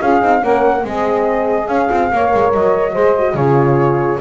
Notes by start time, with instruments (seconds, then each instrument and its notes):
0.00 double bass C#4, horn F4, saxophone G#4, flute F5
0.21 double bass C4, horn D#4
0.40 double bass A#3, horn C#4, saxophone A#4, flute F#5
0.83 double bass G#3, horn C4, saxophone G#4, flute D#5
1.67 double bass C#4, horn C#4, flute F5
1.89 double bass C4, horn F4
2.12 double bass A#3, horn A#4, saxophone C#5
2.33 double bass G#3
2.53 double bass F#3, flute D#5
2.92 double bass G#3, horn G#4, saxophone C5
3.18 horn F#4
3.34 double bass C#3, horn F4, saxophone G#4, flute C#5